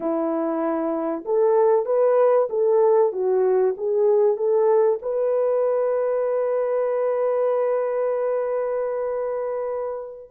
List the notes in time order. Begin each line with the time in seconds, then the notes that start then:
0.00 E4
1.25 A4
1.85 B4
2.49 A4
3.12 F#4
3.77 G#4
4.36 A4
5.01 B4